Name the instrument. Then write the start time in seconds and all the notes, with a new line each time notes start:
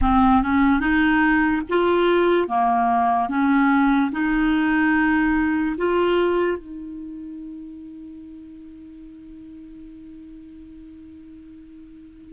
clarinet
0.01 C4
0.42 C#4
0.80 D#4
1.68 F4
2.48 A#3
3.28 C#4
4.11 D#4
5.77 F4
6.57 D#4